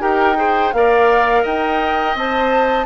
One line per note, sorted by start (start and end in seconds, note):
0.00 0.73 D#4
0.00 0.36 G4
0.00 0.37 A#4
0.00 0.73 G5
0.36 0.72 G#4
0.36 0.74 C5
0.73 1.45 A#3
0.73 2.17 A#4
0.73 1.43 D5
0.73 1.44 F5
1.43 2.15 D#4
1.43 2.85 D#5
1.43 2.17 G5
2.15 2.86 C4
2.15 2.86 C5
2.15 2.86 A5